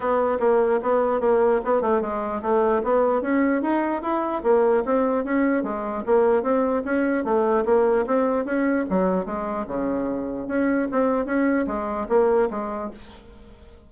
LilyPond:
\new Staff \with { instrumentName = "bassoon" } { \time 4/4 \tempo 4 = 149 b4 ais4 b4 ais4 | b8 a8 gis4 a4 b4 | cis'4 dis'4 e'4 ais4 | c'4 cis'4 gis4 ais4 |
c'4 cis'4 a4 ais4 | c'4 cis'4 fis4 gis4 | cis2 cis'4 c'4 | cis'4 gis4 ais4 gis4 | }